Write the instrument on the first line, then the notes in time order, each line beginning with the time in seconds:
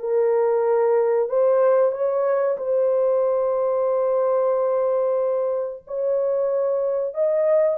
horn
0.00 A#4
1.29 C5
1.92 C#5
2.57 C5
5.87 C#5
7.14 D#5